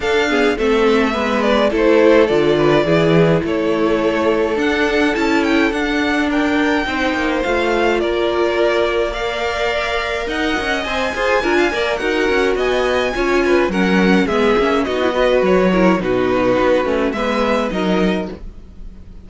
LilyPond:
<<
  \new Staff \with { instrumentName = "violin" } { \time 4/4 \tempo 4 = 105 f''4 e''4. d''8 c''4 | d''2 cis''2 | fis''4 a''8 g''8 fis''4 g''4~ | g''4 f''4 d''2 |
f''2 fis''4 gis''4~ | gis''4 fis''4 gis''2 | fis''4 e''4 dis''4 cis''4 | b'2 e''4 dis''4 | }
  \new Staff \with { instrumentName = "violin" } { \time 4/4 a'8 gis'8 a'4 b'4 a'4~ | a'8 b'8 gis'4 a'2~ | a'2. ais'4 | c''2 ais'2 |
d''2 dis''4. c''8 | ais'16 f''16 d''8 ais'4 dis''4 cis''8 b'8 | ais'4 gis'4 fis'8 b'4 ais'8 | fis'2 b'4 ais'4 | }
  \new Staff \with { instrumentName = "viola" } { \time 4/4 d'8 b8 c'4 b4 e'4 | f'4 e'2. | d'4 e'4 d'2 | dis'4 f'2. |
ais'2. c''8 gis'8 | f'8 ais'8 fis'2 f'4 | cis'4 b8 cis'8 dis'16 e'16 fis'4 e'8 | dis'4. cis'8 b4 dis'4 | }
  \new Staff \with { instrumentName = "cello" } { \time 4/4 d'4 a4 gis4 a4 | d4 e4 a2 | d'4 cis'4 d'2 | c'8 ais8 a4 ais2~ |
ais2 dis'8 cis'8 c'8 f'8 | d'8 ais8 dis'8 cis'8 b4 cis'4 | fis4 gis8 ais8 b4 fis4 | b,4 b8 a8 gis4 fis4 | }
>>